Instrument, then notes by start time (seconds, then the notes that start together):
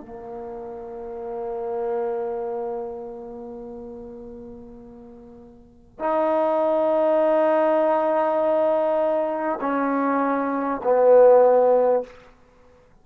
trombone
0.00 A#3
5.99 D#4
9.61 C#4
10.83 B3